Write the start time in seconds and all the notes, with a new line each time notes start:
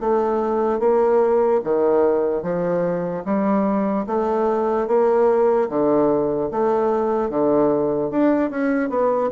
0.00 A3
0.79 A#3
1.64 D#3
2.43 F3
3.25 G3
4.06 A3
4.87 A#3
5.69 D3
6.51 A3
7.30 D3
8.10 D4
8.50 C#4
8.89 B3